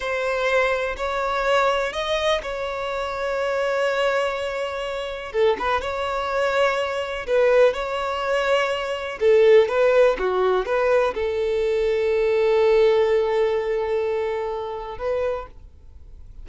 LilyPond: \new Staff \with { instrumentName = "violin" } { \time 4/4 \tempo 4 = 124 c''2 cis''2 | dis''4 cis''2.~ | cis''2. a'8 b'8 | cis''2. b'4 |
cis''2. a'4 | b'4 fis'4 b'4 a'4~ | a'1~ | a'2. b'4 | }